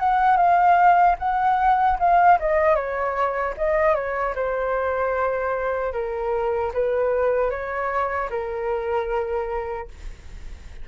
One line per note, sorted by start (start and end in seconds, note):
0.00 0.37 F#5
0.37 1.16 F5
1.19 1.98 F#5
2.00 2.39 F5
2.40 2.76 D#5
2.76 3.55 C#5
3.57 3.95 D#5
3.95 4.35 C#5
4.36 5.94 C5
5.94 6.72 A#4
6.74 7.51 B4
7.51 8.30 C#5
8.31 9.89 A#4